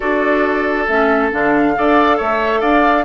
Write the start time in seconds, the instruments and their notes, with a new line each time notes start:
0.00 bassoon D4, clarinet F#4, oboe A4, flute D5
0.87 bassoon A3, clarinet C#4, flute E5
1.31 bassoon D3, clarinet D4, flute F5
1.74 bassoon D4, clarinet A4, oboe D5
2.17 bassoon A3, oboe C#5, flute E5
2.60 bassoon D4, oboe D5, flute F5